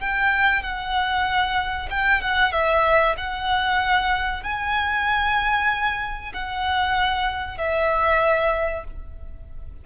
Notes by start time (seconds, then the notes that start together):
0.00 G5
0.63 F#5
1.91 G5
2.22 F#5
2.53 E5
3.18 F#5
4.43 G#5
6.34 F#5
7.58 E5